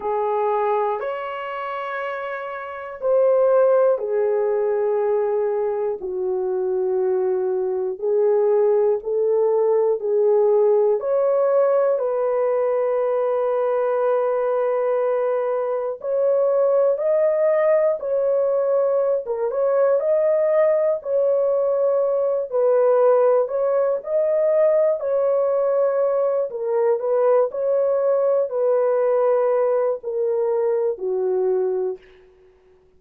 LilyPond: \new Staff \with { instrumentName = "horn" } { \time 4/4 \tempo 4 = 60 gis'4 cis''2 c''4 | gis'2 fis'2 | gis'4 a'4 gis'4 cis''4 | b'1 |
cis''4 dis''4 cis''4~ cis''16 ais'16 cis''8 | dis''4 cis''4. b'4 cis''8 | dis''4 cis''4. ais'8 b'8 cis''8~ | cis''8 b'4. ais'4 fis'4 | }